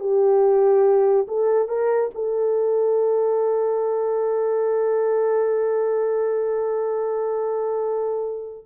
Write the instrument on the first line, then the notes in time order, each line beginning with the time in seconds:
horn
0.00 G4
1.28 A4
1.68 A#4
2.15 A4